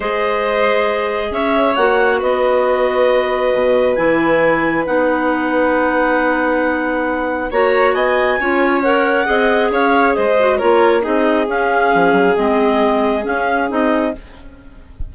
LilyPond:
<<
  \new Staff \with { instrumentName = "clarinet" } { \time 4/4 \tempo 4 = 136 dis''2. e''4 | fis''4 dis''2.~ | dis''4 gis''2 fis''4~ | fis''1~ |
fis''4 ais''4 gis''2 | fis''2 f''4 dis''4 | cis''4 dis''4 f''2 | dis''2 f''4 dis''4 | }
  \new Staff \with { instrumentName = "violin" } { \time 4/4 c''2. cis''4~ | cis''4 b'2.~ | b'1~ | b'1~ |
b'4 cis''4 dis''4 cis''4~ | cis''4 dis''4 cis''4 c''4 | ais'4 gis'2.~ | gis'1 | }
  \new Staff \with { instrumentName = "clarinet" } { \time 4/4 gis'1 | fis'1~ | fis'4 e'2 dis'4~ | dis'1~ |
dis'4 fis'2 f'4 | ais'4 gis'2~ gis'8 fis'8 | f'4 dis'4 cis'2 | c'2 cis'4 dis'4 | }
  \new Staff \with { instrumentName = "bassoon" } { \time 4/4 gis2. cis'4 | ais4 b2. | b,4 e2 b4~ | b1~ |
b4 ais4 b4 cis'4~ | cis'4 c'4 cis'4 gis4 | ais4 c'4 cis'4 f8 fis8 | gis2 cis'4 c'4 | }
>>